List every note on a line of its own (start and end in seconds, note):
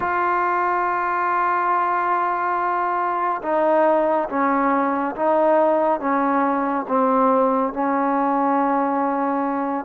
0.00 3.41 F4
3.42 4.28 D#4
4.29 5.15 C#4
5.15 6.00 D#4
6.00 6.85 C#4
6.88 7.73 C4
7.73 9.85 C#4